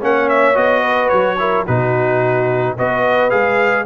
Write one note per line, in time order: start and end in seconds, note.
0.00 0.57 A#3
0.00 0.54 C#4
0.00 0.81 C#5
0.00 0.29 F#5
0.29 0.56 E5
0.54 1.12 B3
0.54 1.37 F#4
0.54 1.09 D#5
0.81 1.36 B4
1.09 1.67 F#3
1.09 1.64 C#5
1.39 1.67 E4
1.39 1.66 A#4
1.66 2.78 B2
1.66 2.78 D#4
1.66 2.76 F#4
1.66 2.77 B4
2.77 3.33 B3
2.77 3.30 F#4
2.77 3.86 B4
2.77 3.30 D#5
3.30 3.86 G#3
3.30 3.85 G#4
3.30 3.85 F5